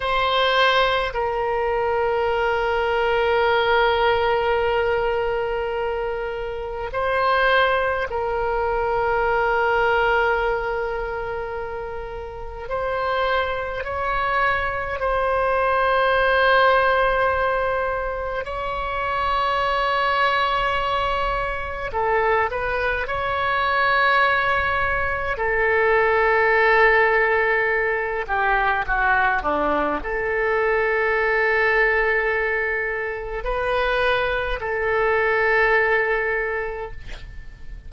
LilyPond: \new Staff \with { instrumentName = "oboe" } { \time 4/4 \tempo 4 = 52 c''4 ais'2.~ | ais'2 c''4 ais'4~ | ais'2. c''4 | cis''4 c''2. |
cis''2. a'8 b'8 | cis''2 a'2~ | a'8 g'8 fis'8 d'8 a'2~ | a'4 b'4 a'2 | }